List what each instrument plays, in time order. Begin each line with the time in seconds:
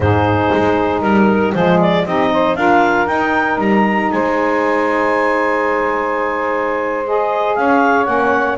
0.00 double bass G#2, saxophone D#4 G#4, clarinet C5
0.52 double bass G#3
1.01 double bass G3, saxophone A#4, clarinet A#4
1.52 double bass F3, saxophone G#3 G#4, clarinet C5
1.80 clarinet D5
2.05 double bass C4, saxophone D#4 G4, clarinet D#5
2.32 saxophone C5
2.55 double bass D4, saxophone F4 A#4, clarinet F5
3.06 saxophone D#4, double bass D#4, clarinet G5
3.57 double bass G3, clarinet A#5
4.11 double bass G#3, saxophone C5, clarinet G#5
7.06 saxophone G#4, clarinet D#5
7.55 double bass C#4, saxophone C#5, clarinet F5
8.05 double bass A#3, saxophone C#4, clarinet F#5